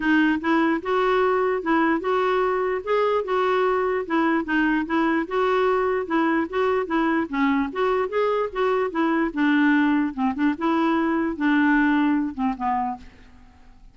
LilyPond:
\new Staff \with { instrumentName = "clarinet" } { \time 4/4 \tempo 4 = 148 dis'4 e'4 fis'2 | e'4 fis'2 gis'4 | fis'2 e'4 dis'4 | e'4 fis'2 e'4 |
fis'4 e'4 cis'4 fis'4 | gis'4 fis'4 e'4 d'4~ | d'4 c'8 d'8 e'2 | d'2~ d'8 c'8 b4 | }